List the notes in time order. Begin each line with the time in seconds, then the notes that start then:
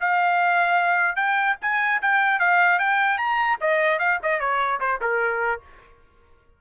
0.00 F5
1.15 G5
1.61 G#5
2.01 G5
2.39 F5
2.79 G5
3.17 A#5
3.60 D#5
3.99 F5
4.22 D#5
4.40 C#5
4.80 C5
5.01 A#4